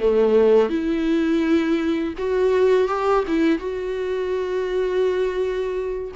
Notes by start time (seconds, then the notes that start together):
0.00 A3
0.70 E4
2.18 F#4
2.88 G4
3.28 E4
3.59 F#4